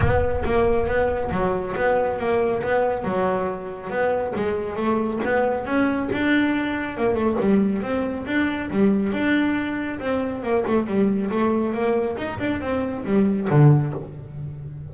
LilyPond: \new Staff \with { instrumentName = "double bass" } { \time 4/4 \tempo 4 = 138 b4 ais4 b4 fis4 | b4 ais4 b4 fis4~ | fis4 b4 gis4 a4 | b4 cis'4 d'2 |
ais8 a8 g4 c'4 d'4 | g4 d'2 c'4 | ais8 a8 g4 a4 ais4 | dis'8 d'8 c'4 g4 d4 | }